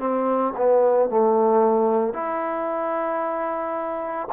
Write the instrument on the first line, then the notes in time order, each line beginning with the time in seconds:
trombone
0.00 C4
0.57 B3
1.10 A3
2.14 E4